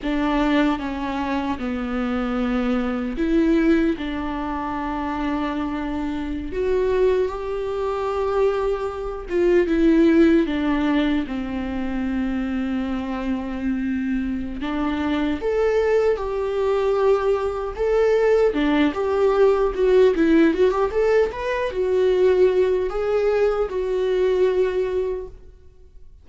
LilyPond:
\new Staff \with { instrumentName = "viola" } { \time 4/4 \tempo 4 = 76 d'4 cis'4 b2 | e'4 d'2.~ | d'16 fis'4 g'2~ g'8 f'16~ | f'16 e'4 d'4 c'4.~ c'16~ |
c'2~ c'8 d'4 a'8~ | a'8 g'2 a'4 d'8 | g'4 fis'8 e'8 fis'16 g'16 a'8 b'8 fis'8~ | fis'4 gis'4 fis'2 | }